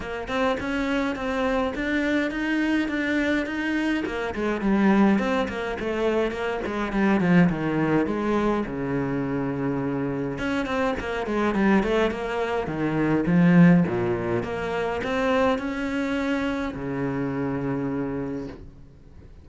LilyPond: \new Staff \with { instrumentName = "cello" } { \time 4/4 \tempo 4 = 104 ais8 c'8 cis'4 c'4 d'4 | dis'4 d'4 dis'4 ais8 gis8 | g4 c'8 ais8 a4 ais8 gis8 | g8 f8 dis4 gis4 cis4~ |
cis2 cis'8 c'8 ais8 gis8 | g8 a8 ais4 dis4 f4 | ais,4 ais4 c'4 cis'4~ | cis'4 cis2. | }